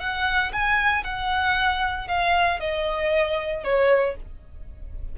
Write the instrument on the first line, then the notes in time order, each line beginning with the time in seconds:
violin
0.00 F#5
0.53 G#5
1.04 F#5
2.08 F5
2.60 D#5
3.64 C#5